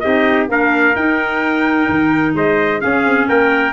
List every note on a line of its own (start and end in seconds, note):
0.00 0.48 C4
0.00 0.48 D#4
0.00 0.50 G4
0.00 0.47 D#5
0.48 0.95 A#3
0.48 0.94 D4
0.48 2.35 A#4
0.48 0.95 F5
0.95 1.88 D#4
0.95 2.80 D#4
0.95 2.35 G5
1.89 2.34 D#3
2.34 2.81 G#3
2.34 2.82 C5
2.34 2.81 D#5
2.80 3.73 C#4
2.80 3.05 C#4
2.80 3.28 G#4
2.80 3.27 F5
3.05 3.28 C4
3.28 3.73 A#3
3.28 3.73 A#4
3.28 3.73 G5